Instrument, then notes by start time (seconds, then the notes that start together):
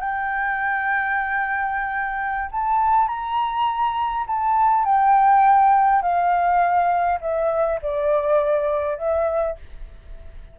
flute
0.00 G5
2.52 A5
3.08 A#5
4.27 A5
4.85 G5
6.02 F5
7.21 E5
7.82 D5
8.98 E5